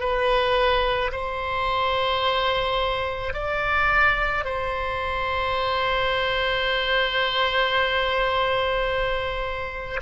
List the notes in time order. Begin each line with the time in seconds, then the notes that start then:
0.00 B4
1.12 C5
3.34 D5
4.45 C5